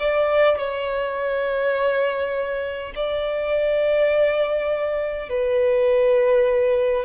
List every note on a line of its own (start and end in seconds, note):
0.00 0.58 D5
0.58 2.94 C#5
2.96 5.29 D5
5.29 7.05 B4